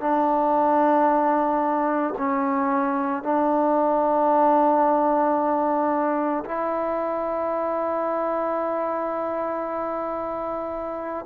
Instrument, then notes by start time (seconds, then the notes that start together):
trombone
0.00 D4
2.18 C#4
3.23 D4
6.45 E4